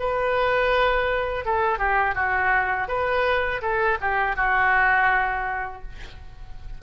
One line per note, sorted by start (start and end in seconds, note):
0.00 1.46 B4
1.46 1.79 A4
1.79 2.15 G4
2.15 2.88 F#4
2.89 3.62 B4
3.62 3.98 A4
4.01 4.36 G4
4.36 5.83 F#4